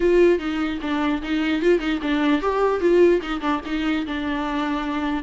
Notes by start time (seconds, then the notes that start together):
0.00 F4
0.39 D#4
0.81 D4
1.22 D#4
1.62 F4
1.79 D#4
2.01 D4
2.41 G4
2.80 F4
3.21 D#4
3.40 D4
3.65 D#4
4.06 D4